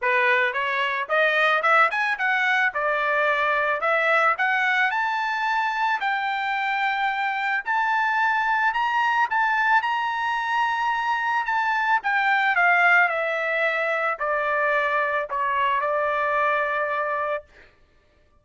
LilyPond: \new Staff \with { instrumentName = "trumpet" } { \time 4/4 \tempo 4 = 110 b'4 cis''4 dis''4 e''8 gis''8 | fis''4 d''2 e''4 | fis''4 a''2 g''4~ | g''2 a''2 |
ais''4 a''4 ais''2~ | ais''4 a''4 g''4 f''4 | e''2 d''2 | cis''4 d''2. | }